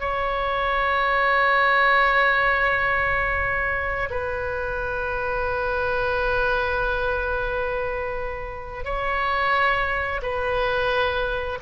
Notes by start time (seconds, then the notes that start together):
0.00 C#5
4.10 B4
8.85 C#5
10.22 B4